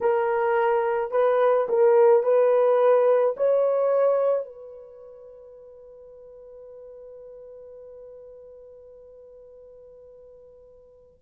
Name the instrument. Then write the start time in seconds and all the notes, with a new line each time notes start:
horn
0.00 A#4
1.11 B4
1.68 A#4
2.23 B4
3.36 C#5
4.45 B4